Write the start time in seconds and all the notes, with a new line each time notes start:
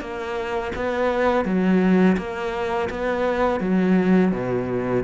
0.00 A#3
0.75 B3
1.44 F#3
2.17 A#3
2.90 B3
3.60 F#3
4.31 B2